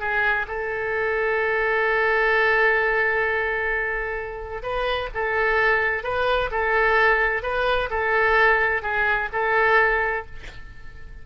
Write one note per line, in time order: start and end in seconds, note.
0.00 0.47 G#4
0.48 4.63 A4
4.63 5.09 B4
5.14 6.04 A4
6.04 6.50 B4
6.51 7.43 A4
7.43 7.89 B4
7.90 8.82 A4
8.82 9.29 G#4
9.33 10.26 A4